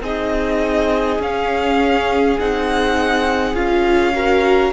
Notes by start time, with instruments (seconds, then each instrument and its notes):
0.00 cello C4, viola D#4, violin G#4 D#5
1.19 cello C#4, viola C#4, violin F5
2.39 cello C4, viola D#4, violin F#5
3.53 cello C#4, viola F4, violin F5
4.14 viola F#4, violin A#4